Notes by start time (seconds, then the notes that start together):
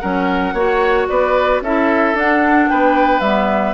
0.00 F#3 C#4 A#4 F#5
0.54 A#3 F#4 C#5
1.08 B3 B4 D5
1.61 C#4 E4 A4 E5
2.14 D4 F#5
2.69 B3 B4 G5
3.20 G3 B3 E5